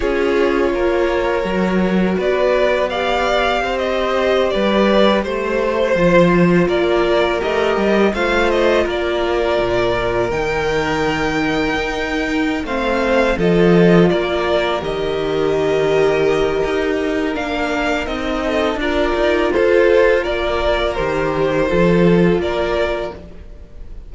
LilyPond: <<
  \new Staff \with { instrumentName = "violin" } { \time 4/4 \tempo 4 = 83 cis''2. d''4 | f''4~ f''16 dis''4 d''4 c''8.~ | c''4~ c''16 d''4 dis''4 f''8 dis''16~ | dis''16 d''2 g''4.~ g''16~ |
g''4. f''4 dis''4 d''8~ | d''8 dis''2.~ dis''8 | f''4 dis''4 d''4 c''4 | d''4 c''2 d''4 | }
  \new Staff \with { instrumentName = "violin" } { \time 4/4 gis'4 ais'2 b'4 | d''4 c''4~ c''16 b'4 c''8.~ | c''4~ c''16 ais'2 c''8.~ | c''16 ais'2.~ ais'8.~ |
ais'4. c''4 a'4 ais'8~ | ais'1~ | ais'4. a'8 ais'4 a'4 | ais'2 a'4 ais'4 | }
  \new Staff \with { instrumentName = "viola" } { \time 4/4 f'2 fis'2 | g'1~ | g'16 f'2 g'4 f'8.~ | f'2~ f'16 dis'4.~ dis'16~ |
dis'4. c'4 f'4.~ | f'8 g'2.~ g'8 | d'4 dis'4 f'2~ | f'4 g'4 f'2 | }
  \new Staff \with { instrumentName = "cello" } { \time 4/4 cis'4 ais4 fis4 b4~ | b4 c'4~ c'16 g4 a8.~ | a16 f4 ais4 a8 g8 a8.~ | a16 ais4 ais,4 dis4.~ dis16~ |
dis16 dis'4~ dis'16 a4 f4 ais8~ | ais8 dis2~ dis8 dis'4 | ais4 c'4 d'8 dis'8 f'4 | ais4 dis4 f4 ais4 | }
>>